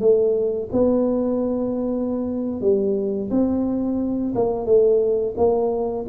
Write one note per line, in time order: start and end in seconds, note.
0.00 0.69 A3
0.72 2.61 B3
2.61 3.30 G3
3.30 4.34 C4
4.35 4.66 A#3
4.66 5.34 A3
5.37 6.06 A#3